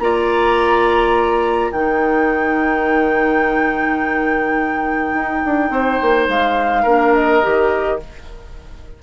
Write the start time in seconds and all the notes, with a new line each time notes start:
0.00 A#3 F4 D5 A#5
1.72 D#3 D#4 A#4 G5
5.14 D#4
5.46 D4
5.70 C4 C5
6.02 A#3
6.28 G#3 F5
6.83 A#3 D4 A#4
7.15 D#5
7.43 D#3 G4